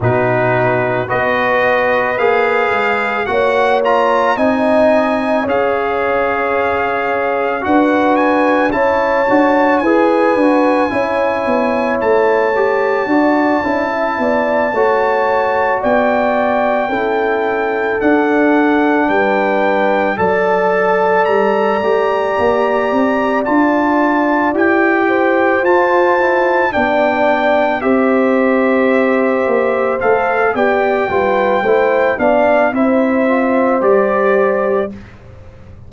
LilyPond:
<<
  \new Staff \with { instrumentName = "trumpet" } { \time 4/4 \tempo 4 = 55 b'4 dis''4 f''4 fis''8 ais''8 | gis''4 f''2 fis''8 gis''8 | a''4 gis''2 a''4~ | a''2~ a''8 g''4.~ |
g''8 fis''4 g''4 a''4 ais''8~ | ais''4. a''4 g''4 a''8~ | a''8 g''4 e''2 f''8 | g''4. f''8 e''4 d''4 | }
  \new Staff \with { instrumentName = "horn" } { \time 4/4 fis'4 b'2 cis''4 | dis''4 cis''2 b'4 | cis''4 b'4 cis''2 | d''8 d'16 e''16 d''8 cis''4 d''4 a'8~ |
a'4. b'4 d''4.~ | d''2. c''4~ | c''8 d''4 c''2~ c''8 | d''8 b'8 c''8 d''8 c''2 | }
  \new Staff \with { instrumentName = "trombone" } { \time 4/4 dis'4 fis'4 gis'4 fis'8 f'8 | dis'4 gis'2 fis'4 | e'8 fis'8 gis'8 fis'8 e'4. g'8 | fis'8 e'4 fis'2 e'8~ |
e'8 d'2 a'4. | g'4. f'4 g'4 f'8 | e'8 d'4 g'2 a'8 | g'8 f'8 e'8 d'8 e'8 f'8 g'4 | }
  \new Staff \with { instrumentName = "tuba" } { \time 4/4 b,4 b4 ais8 gis8 ais4 | c'4 cis'2 d'4 | cis'8 d'8 e'8 d'8 cis'8 b8 a4 | d'8 cis'8 b8 a4 b4 cis'8~ |
cis'8 d'4 g4 fis4 g8 | a8 ais8 c'8 d'4 e'4 f'8~ | f'8 b4 c'4. ais8 a8 | b8 g8 a8 b8 c'4 g4 | }
>>